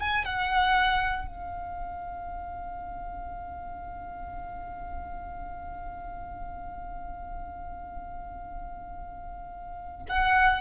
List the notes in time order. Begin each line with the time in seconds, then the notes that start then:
0.00 G#5
0.25 F#5
1.27 F5
10.10 F#5